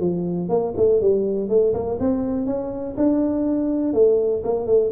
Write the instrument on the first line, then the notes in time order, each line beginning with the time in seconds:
tuba
0.00 F3
0.49 A#3
0.77 A3
1.01 G3
1.49 A3
1.74 A#3
2.00 C4
2.46 C#4
2.97 D4
3.93 A3
4.44 A#3
4.66 A3